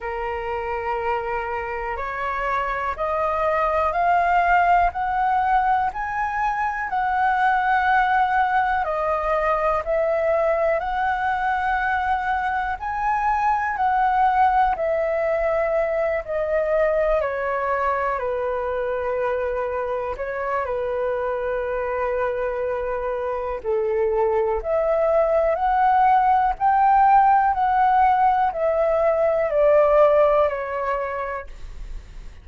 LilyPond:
\new Staff \with { instrumentName = "flute" } { \time 4/4 \tempo 4 = 61 ais'2 cis''4 dis''4 | f''4 fis''4 gis''4 fis''4~ | fis''4 dis''4 e''4 fis''4~ | fis''4 gis''4 fis''4 e''4~ |
e''8 dis''4 cis''4 b'4.~ | b'8 cis''8 b'2. | a'4 e''4 fis''4 g''4 | fis''4 e''4 d''4 cis''4 | }